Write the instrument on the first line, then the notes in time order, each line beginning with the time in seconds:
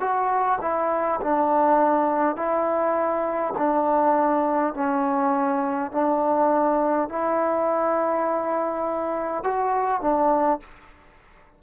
trombone
0.00 F#4
0.61 E4
1.20 D4
2.36 E4
3.57 D4
4.74 C#4
5.91 D4
7.09 E4
9.43 F#4
10.01 D4